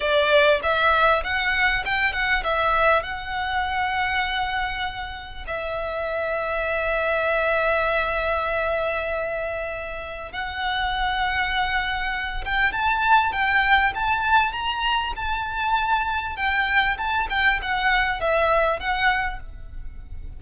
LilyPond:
\new Staff \with { instrumentName = "violin" } { \time 4/4 \tempo 4 = 99 d''4 e''4 fis''4 g''8 fis''8 | e''4 fis''2.~ | fis''4 e''2.~ | e''1~ |
e''4 fis''2.~ | fis''8 g''8 a''4 g''4 a''4 | ais''4 a''2 g''4 | a''8 g''8 fis''4 e''4 fis''4 | }